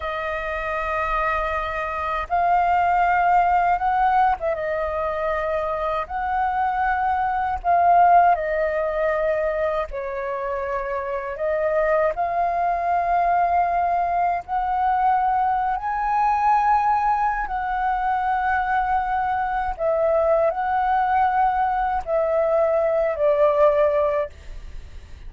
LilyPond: \new Staff \with { instrumentName = "flute" } { \time 4/4 \tempo 4 = 79 dis''2. f''4~ | f''4 fis''8. e''16 dis''2 | fis''2 f''4 dis''4~ | dis''4 cis''2 dis''4 |
f''2. fis''4~ | fis''8. gis''2~ gis''16 fis''4~ | fis''2 e''4 fis''4~ | fis''4 e''4. d''4. | }